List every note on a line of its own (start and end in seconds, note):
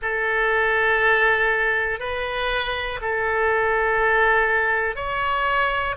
0.02 2.00 A4
2.00 3.00 B4
3.01 4.95 A4
4.95 5.95 C#5